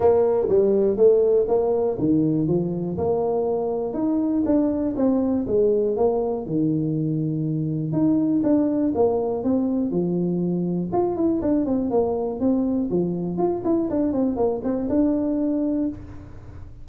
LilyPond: \new Staff \with { instrumentName = "tuba" } { \time 4/4 \tempo 4 = 121 ais4 g4 a4 ais4 | dis4 f4 ais2 | dis'4 d'4 c'4 gis4 | ais4 dis2. |
dis'4 d'4 ais4 c'4 | f2 f'8 e'8 d'8 c'8 | ais4 c'4 f4 f'8 e'8 | d'8 c'8 ais8 c'8 d'2 | }